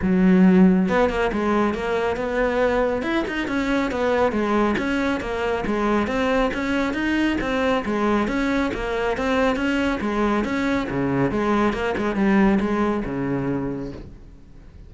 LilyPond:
\new Staff \with { instrumentName = "cello" } { \time 4/4 \tempo 4 = 138 fis2 b8 ais8 gis4 | ais4 b2 e'8 dis'8 | cis'4 b4 gis4 cis'4 | ais4 gis4 c'4 cis'4 |
dis'4 c'4 gis4 cis'4 | ais4 c'4 cis'4 gis4 | cis'4 cis4 gis4 ais8 gis8 | g4 gis4 cis2 | }